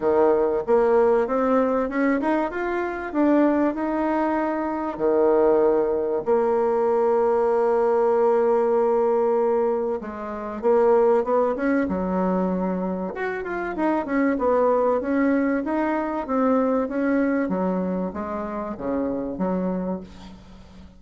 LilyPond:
\new Staff \with { instrumentName = "bassoon" } { \time 4/4 \tempo 4 = 96 dis4 ais4 c'4 cis'8 dis'8 | f'4 d'4 dis'2 | dis2 ais2~ | ais1 |
gis4 ais4 b8 cis'8 fis4~ | fis4 fis'8 f'8 dis'8 cis'8 b4 | cis'4 dis'4 c'4 cis'4 | fis4 gis4 cis4 fis4 | }